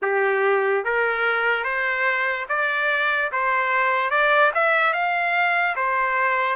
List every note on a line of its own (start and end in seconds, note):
0.02 0.84 G4
0.84 1.64 A#4
1.64 2.46 C5
2.48 3.31 D5
3.31 4.10 C5
4.10 4.51 D5
4.54 4.93 E5
4.93 5.75 F5
5.76 6.56 C5